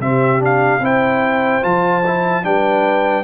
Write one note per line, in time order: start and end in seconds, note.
0.00 0.80 C3
0.00 0.39 C4
0.00 0.82 G4
0.00 0.42 E5
0.39 0.80 D4
0.39 0.85 F5
0.80 1.61 C4
0.80 1.62 E4
0.80 2.45 C5
0.80 1.64 G5
1.62 2.44 F3
1.62 2.02 F4
1.62 2.45 A5
2.07 2.43 E4
2.43 3.24 G3
2.43 3.24 D4
2.43 3.24 B4
2.43 3.24 G5